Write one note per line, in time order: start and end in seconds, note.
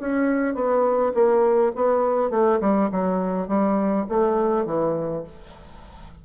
0.00 0.55 C#4
0.55 1.13 B3
1.14 1.73 A#3
1.76 2.31 B3
2.31 2.60 A3
2.61 2.90 G3
2.92 3.48 F#3
3.48 4.06 G3
4.09 4.65 A3
4.65 5.24 E3